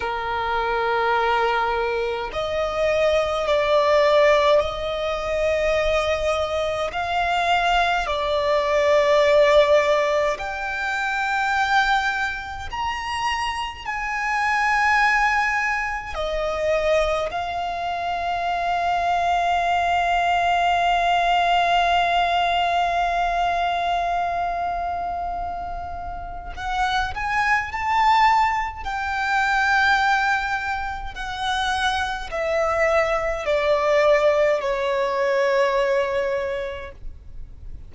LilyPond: \new Staff \with { instrumentName = "violin" } { \time 4/4 \tempo 4 = 52 ais'2 dis''4 d''4 | dis''2 f''4 d''4~ | d''4 g''2 ais''4 | gis''2 dis''4 f''4~ |
f''1~ | f''2. fis''8 gis''8 | a''4 g''2 fis''4 | e''4 d''4 cis''2 | }